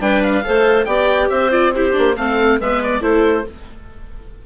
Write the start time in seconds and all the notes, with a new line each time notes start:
0.00 G3 D4 B4 G5
0.23 F5
0.44 A3 A4 C5
0.85 B3 G4 D5 G5
1.29 C4 C5 E5
1.51 F4 D5
1.74 E4 G4 C5
1.92 A#3 D4
2.16 A3 C4 A4 F5
2.60 G#3 B3 B4 E5
2.83 D5
3.01 A3 E4 A4 C5